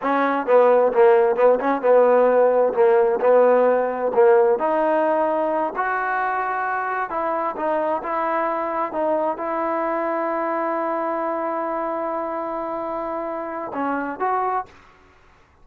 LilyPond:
\new Staff \with { instrumentName = "trombone" } { \time 4/4 \tempo 4 = 131 cis'4 b4 ais4 b8 cis'8 | b2 ais4 b4~ | b4 ais4 dis'2~ | dis'8 fis'2. e'8~ |
e'8 dis'4 e'2 dis'8~ | dis'8 e'2.~ e'8~ | e'1~ | e'2 cis'4 fis'4 | }